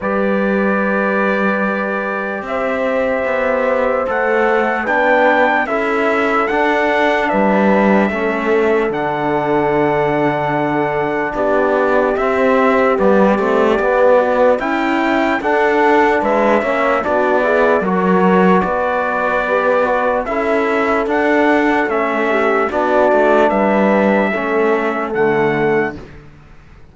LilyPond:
<<
  \new Staff \with { instrumentName = "trumpet" } { \time 4/4 \tempo 4 = 74 d''2. e''4~ | e''4 fis''4 g''4 e''4 | fis''4 e''2 fis''4~ | fis''2 d''4 e''4 |
d''2 g''4 fis''4 | e''4 d''4 cis''4 d''4~ | d''4 e''4 fis''4 e''4 | d''4 e''2 fis''4 | }
  \new Staff \with { instrumentName = "horn" } { \time 4/4 b'2. c''4~ | c''2 b'4 a'4~ | a'4 b'4 a'2~ | a'2 g'2~ |
g'4. fis'8 e'4 a'4 | b'8 cis''8 fis'8 gis'8 ais'4 b'4~ | b'4 a'2~ a'8 g'8 | fis'4 b'4 a'2 | }
  \new Staff \with { instrumentName = "trombone" } { \time 4/4 g'1~ | g'4 a'4 d'4 e'4 | d'2 cis'4 d'4~ | d'2. c'4 |
b8 c'8 b4 e'4 d'4~ | d'8 cis'8 d'8 e'8 fis'2 | g'8 fis'8 e'4 d'4 cis'4 | d'2 cis'4 a4 | }
  \new Staff \with { instrumentName = "cello" } { \time 4/4 g2. c'4 | b4 a4 b4 cis'4 | d'4 g4 a4 d4~ | d2 b4 c'4 |
g8 a8 b4 cis'4 d'4 | gis8 ais8 b4 fis4 b4~ | b4 cis'4 d'4 a4 | b8 a8 g4 a4 d4 | }
>>